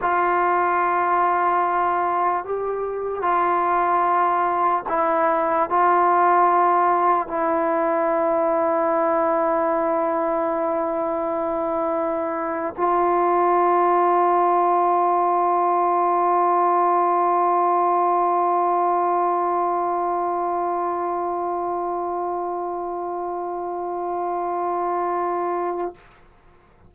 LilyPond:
\new Staff \with { instrumentName = "trombone" } { \time 4/4 \tempo 4 = 74 f'2. g'4 | f'2 e'4 f'4~ | f'4 e'2.~ | e'2.~ e'8. f'16~ |
f'1~ | f'1~ | f'1~ | f'1 | }